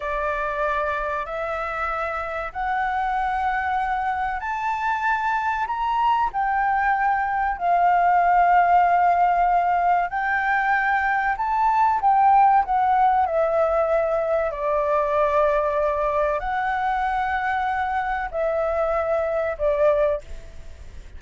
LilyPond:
\new Staff \with { instrumentName = "flute" } { \time 4/4 \tempo 4 = 95 d''2 e''2 | fis''2. a''4~ | a''4 ais''4 g''2 | f''1 |
g''2 a''4 g''4 | fis''4 e''2 d''4~ | d''2 fis''2~ | fis''4 e''2 d''4 | }